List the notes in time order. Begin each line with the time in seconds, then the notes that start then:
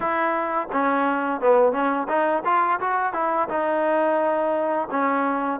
0.00 E4
0.72 C#4
1.40 B3
1.72 C#4
2.08 D#4
2.45 F4
2.80 F#4
3.13 E4
3.49 D#4
4.90 C#4